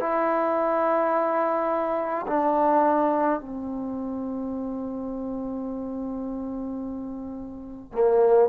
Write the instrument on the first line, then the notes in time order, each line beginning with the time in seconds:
trombone
0.00 E4
2.27 D4
3.40 C4
7.92 A#3